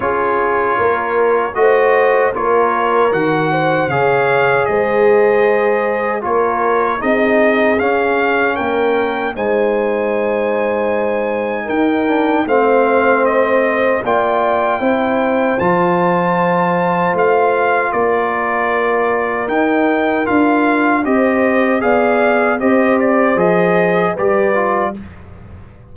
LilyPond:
<<
  \new Staff \with { instrumentName = "trumpet" } { \time 4/4 \tempo 4 = 77 cis''2 dis''4 cis''4 | fis''4 f''4 dis''2 | cis''4 dis''4 f''4 g''4 | gis''2. g''4 |
f''4 dis''4 g''2 | a''2 f''4 d''4~ | d''4 g''4 f''4 dis''4 | f''4 dis''8 d''8 dis''4 d''4 | }
  \new Staff \with { instrumentName = "horn" } { \time 4/4 gis'4 ais'4 c''4 ais'4~ | ais'8 c''8 cis''4 c''2 | ais'4 gis'2 ais'4 | c''2. ais'4 |
c''2 d''4 c''4~ | c''2. ais'4~ | ais'2. c''4 | d''4 c''2 b'4 | }
  \new Staff \with { instrumentName = "trombone" } { \time 4/4 f'2 fis'4 f'4 | fis'4 gis'2. | f'4 dis'4 cis'2 | dis'2.~ dis'8 d'8 |
c'2 f'4 e'4 | f'1~ | f'4 dis'4 f'4 g'4 | gis'4 g'4 gis'4 g'8 f'8 | }
  \new Staff \with { instrumentName = "tuba" } { \time 4/4 cis'4 ais4 a4 ais4 | dis4 cis4 gis2 | ais4 c'4 cis'4 ais4 | gis2. dis'4 |
a2 ais4 c'4 | f2 a4 ais4~ | ais4 dis'4 d'4 c'4 | b4 c'4 f4 g4 | }
>>